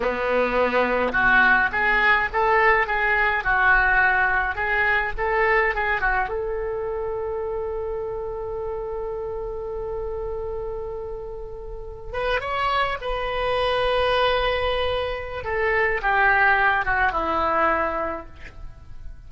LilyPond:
\new Staff \with { instrumentName = "oboe" } { \time 4/4 \tempo 4 = 105 b2 fis'4 gis'4 | a'4 gis'4 fis'2 | gis'4 a'4 gis'8 fis'8 a'4~ | a'1~ |
a'1~ | a'4~ a'16 b'8 cis''4 b'4~ b'16~ | b'2. a'4 | g'4. fis'8 e'2 | }